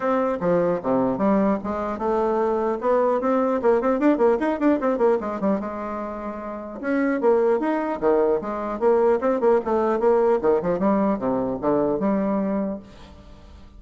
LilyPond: \new Staff \with { instrumentName = "bassoon" } { \time 4/4 \tempo 4 = 150 c'4 f4 c4 g4 | gis4 a2 b4 | c'4 ais8 c'8 d'8 ais8 dis'8 d'8 | c'8 ais8 gis8 g8 gis2~ |
gis4 cis'4 ais4 dis'4 | dis4 gis4 ais4 c'8 ais8 | a4 ais4 dis8 f8 g4 | c4 d4 g2 | }